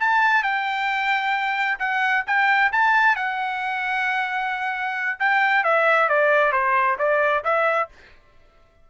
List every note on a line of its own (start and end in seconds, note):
0.00 0.43 A5
0.43 1.79 G5
1.79 2.25 F#5
2.27 2.72 G5
2.73 3.16 A5
3.16 5.19 F#5
5.20 5.64 G5
5.64 6.09 E5
6.09 6.52 D5
6.52 6.97 C5
6.99 7.44 D5
7.44 7.89 E5